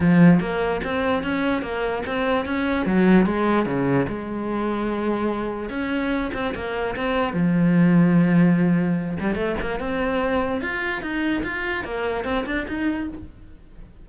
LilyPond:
\new Staff \with { instrumentName = "cello" } { \time 4/4 \tempo 4 = 147 f4 ais4 c'4 cis'4 | ais4 c'4 cis'4 fis4 | gis4 cis4 gis2~ | gis2 cis'4. c'8 |
ais4 c'4 f2~ | f2~ f8 g8 a8 ais8 | c'2 f'4 dis'4 | f'4 ais4 c'8 d'8 dis'4 | }